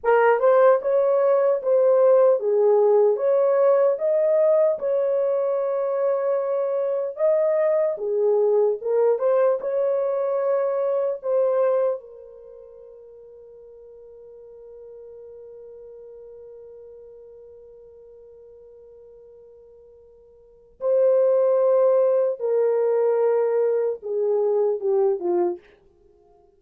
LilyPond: \new Staff \with { instrumentName = "horn" } { \time 4/4 \tempo 4 = 75 ais'8 c''8 cis''4 c''4 gis'4 | cis''4 dis''4 cis''2~ | cis''4 dis''4 gis'4 ais'8 c''8 | cis''2 c''4 ais'4~ |
ais'1~ | ais'1~ | ais'2 c''2 | ais'2 gis'4 g'8 f'8 | }